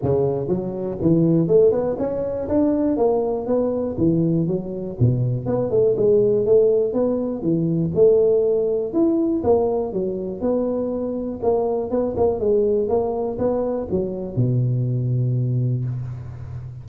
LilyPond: \new Staff \with { instrumentName = "tuba" } { \time 4/4 \tempo 4 = 121 cis4 fis4 e4 a8 b8 | cis'4 d'4 ais4 b4 | e4 fis4 b,4 b8 a8 | gis4 a4 b4 e4 |
a2 e'4 ais4 | fis4 b2 ais4 | b8 ais8 gis4 ais4 b4 | fis4 b,2. | }